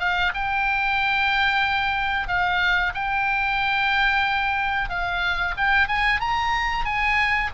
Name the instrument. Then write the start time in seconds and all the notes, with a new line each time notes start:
oboe
0.00 F5
0.35 G5
2.28 F5
2.94 G5
4.90 F5
5.58 G5
5.88 G#5
6.20 A#5
6.85 G#5